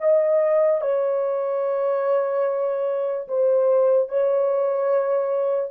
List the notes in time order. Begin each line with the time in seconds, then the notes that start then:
0.00 D#5
0.81 C#5
3.28 C5
4.09 C#5